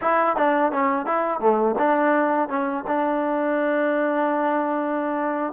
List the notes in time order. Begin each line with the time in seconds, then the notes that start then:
0.01 E4
0.36 D4
0.71 C#4
1.06 E4
1.40 A3
1.78 D4
2.48 C#4
2.87 D4